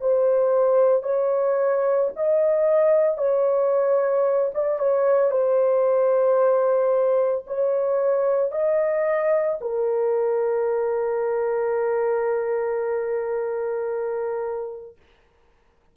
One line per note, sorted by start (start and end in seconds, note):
0.00 1.02 C5
1.02 2.09 C#5
2.16 3.17 D#5
3.17 4.51 C#5
4.54 4.79 D5
4.79 5.30 C#5
5.30 7.45 C5
7.47 8.51 C#5
8.51 9.58 D#5
9.60 14.96 A#4